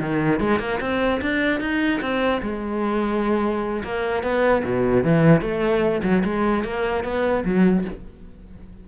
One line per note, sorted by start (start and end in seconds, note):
0.00 0.40 D#3
0.40 0.59 G#3
0.59 0.79 A#3
0.81 1.21 C4
1.22 1.61 D4
1.61 2.01 D#4
2.01 2.42 C4
2.42 3.83 G#3
3.84 4.23 A#3
4.23 4.64 B3
4.65 5.04 B2
5.04 5.42 E3
5.42 6.02 A3
6.03 6.24 F#3
6.25 6.64 G#3
6.64 7.04 A#3
7.04 7.44 B3
7.45 7.85 F#3